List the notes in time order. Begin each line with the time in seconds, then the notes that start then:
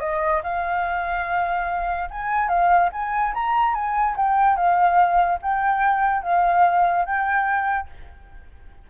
0.00 D#5
0.43 F5
2.10 G#5
2.48 F5
2.92 G#5
3.34 A#5
3.74 G#5
4.16 G5
4.56 F5
5.42 G5
6.22 F5
7.05 G5